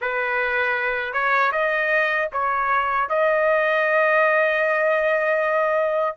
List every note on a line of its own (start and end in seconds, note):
0.01 1.13 B4
1.13 1.51 C#5
1.51 2.28 D#5
2.32 3.09 C#5
3.09 6.16 D#5